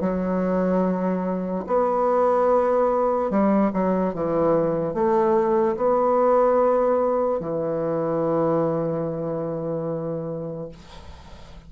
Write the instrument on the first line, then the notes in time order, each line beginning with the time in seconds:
bassoon
0.00 F#3
1.67 B3
3.30 G3
3.73 F#3
4.14 E3
4.94 A3
5.76 B3
7.40 E3